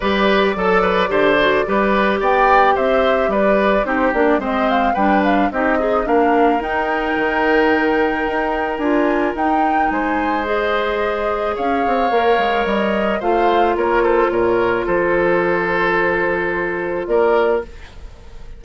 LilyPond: <<
  \new Staff \with { instrumentName = "flute" } { \time 4/4 \tempo 4 = 109 d''1 | g''4 e''4 d''4 c''8 d''8 | dis''8 f''8 g''8 f''8 dis''4 f''4 | g''1 |
gis''4 g''4 gis''4 dis''4~ | dis''4 f''2 dis''4 | f''4 cis''8 c''8 cis''4 c''4~ | c''2. d''4 | }
  \new Staff \with { instrumentName = "oboe" } { \time 4/4 b'4 a'8 b'8 c''4 b'4 | d''4 c''4 b'4 g'4 | c''4 b'4 g'8 dis'8 ais'4~ | ais'1~ |
ais'2 c''2~ | c''4 cis''2. | c''4 ais'8 a'8 ais'4 a'4~ | a'2. ais'4 | }
  \new Staff \with { instrumentName = "clarinet" } { \time 4/4 g'4 a'4 g'8 fis'8 g'4~ | g'2. dis'8 d'8 | c'4 d'4 dis'8 gis'8 d'4 | dis'1 |
f'4 dis'2 gis'4~ | gis'2 ais'2 | f'1~ | f'1 | }
  \new Staff \with { instrumentName = "bassoon" } { \time 4/4 g4 fis4 d4 g4 | b4 c'4 g4 c'8 ais8 | gis4 g4 c'4 ais4 | dis'4 dis2 dis'4 |
d'4 dis'4 gis2~ | gis4 cis'8 c'8 ais8 gis8 g4 | a4 ais4 ais,4 f4~ | f2. ais4 | }
>>